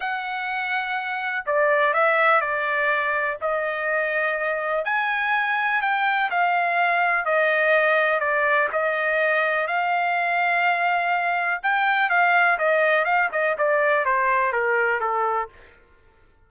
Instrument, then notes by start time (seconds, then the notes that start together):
trumpet
0.00 F#5
1.45 D5
1.93 E5
2.41 D5
3.41 D#5
4.85 G#5
5.81 G5
6.30 F5
7.25 D#5
8.19 D5
8.72 D#5
9.67 F5
11.62 G5
12.09 F5
12.58 D#5
13.04 F5
13.32 D#5
13.58 D5
14.05 C5
14.52 A#4
15.00 A4